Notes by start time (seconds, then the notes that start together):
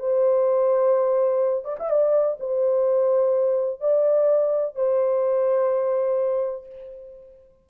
0.00 C5
1.65 D5
1.80 E5
1.91 D5
2.40 C5
3.81 D5
4.76 C5